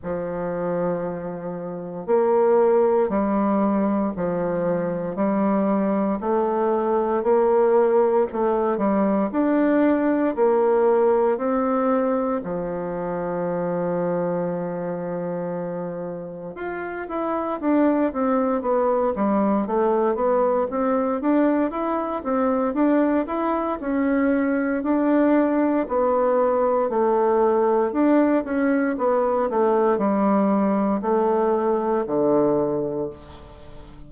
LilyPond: \new Staff \with { instrumentName = "bassoon" } { \time 4/4 \tempo 4 = 58 f2 ais4 g4 | f4 g4 a4 ais4 | a8 g8 d'4 ais4 c'4 | f1 |
f'8 e'8 d'8 c'8 b8 g8 a8 b8 | c'8 d'8 e'8 c'8 d'8 e'8 cis'4 | d'4 b4 a4 d'8 cis'8 | b8 a8 g4 a4 d4 | }